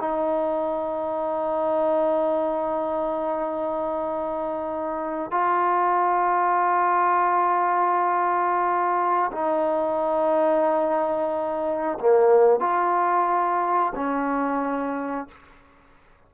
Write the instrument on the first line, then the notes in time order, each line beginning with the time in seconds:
trombone
0.00 D#4
5.31 F4
9.32 D#4
12.00 A#3
12.60 F4
13.95 C#4